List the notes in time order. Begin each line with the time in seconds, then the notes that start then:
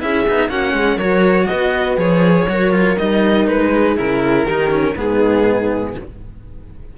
0.00 C#4 E4 G#4 E5
0.29 B3 D#4
0.48 A#3 C#4 F#4 F#5
0.73 G#3 G#4
0.96 F#3 F#4 A#4 C#5
1.47 B3 B4 D#5
1.97 F3 G#4 C#5
2.49 F#3 F#4 A#4
2.72 F4
2.98 G3 D#4 D#5
3.47 G#3 B4
3.72 G#4
3.97 C#3 E4 A#4
4.45 D#3 D#4 G4
4.70 C#4
4.96 G#2 B3 D#4 G#4